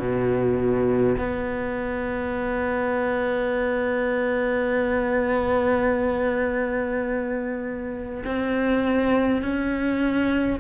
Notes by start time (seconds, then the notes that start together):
0.00 B2
1.18 B3
8.25 C4
9.42 C#4